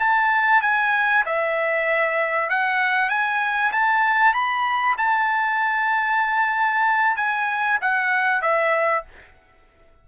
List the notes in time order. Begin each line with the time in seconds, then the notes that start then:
0.00 A5
0.62 G#5
1.26 E5
2.50 F#5
3.10 G#5
3.72 A5
4.34 B5
4.98 A5
7.17 G#5
7.82 F#5
8.42 E5